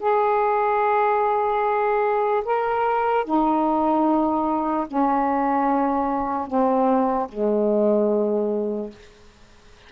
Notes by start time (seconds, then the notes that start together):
0.00 G#4
2.45 A#4
3.25 D#4
4.88 C#4
6.47 C4
7.29 G#3